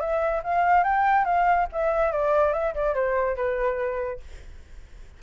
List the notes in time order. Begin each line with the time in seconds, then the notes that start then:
0.00 E5
0.44 F5
0.84 G5
1.25 F5
1.72 E5
2.12 D5
2.53 E5
2.74 D5
2.94 C5
3.36 B4